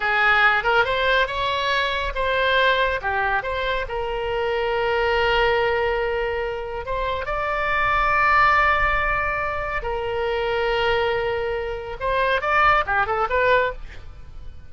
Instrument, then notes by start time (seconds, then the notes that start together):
oboe
0.00 G#4
0.63 A#4
0.85 C5
1.27 C#5
2.14 C5
3.01 G4
3.42 C5
3.88 A#4
6.85 C5
7.25 D5
9.82 A#4
12.00 C5
12.41 D5
12.86 G4
13.06 A4
13.29 B4